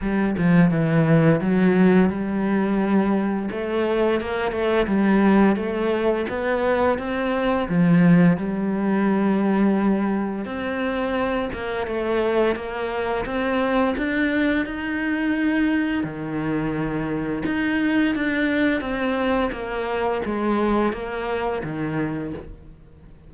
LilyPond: \new Staff \with { instrumentName = "cello" } { \time 4/4 \tempo 4 = 86 g8 f8 e4 fis4 g4~ | g4 a4 ais8 a8 g4 | a4 b4 c'4 f4 | g2. c'4~ |
c'8 ais8 a4 ais4 c'4 | d'4 dis'2 dis4~ | dis4 dis'4 d'4 c'4 | ais4 gis4 ais4 dis4 | }